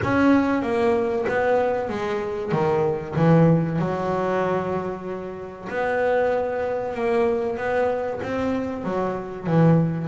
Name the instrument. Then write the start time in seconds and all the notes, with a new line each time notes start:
double bass
0.03 C#4
0.62 A#3
1.28 B3
1.89 G#3
2.52 D#3
3.15 E3
3.78 F#3
5.69 B3
6.94 A#3
7.57 B3
8.22 C4
8.84 F#3
9.47 E3